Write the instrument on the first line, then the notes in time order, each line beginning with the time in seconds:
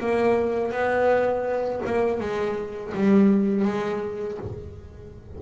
double bass
0.00 A#3
0.72 B3
1.86 A#3
2.20 G#3
2.94 G3
3.65 G#3